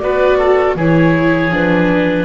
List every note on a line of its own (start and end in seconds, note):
0.00 0.76 B3
0.00 0.77 F#4
0.00 0.38 B4
0.00 0.75 D5
0.38 0.76 A4
0.76 1.51 E3
0.76 1.52 E4
0.76 2.25 G#4
0.76 1.55 C#5
1.51 2.25 F3
1.51 2.25 D4
1.51 2.25 B4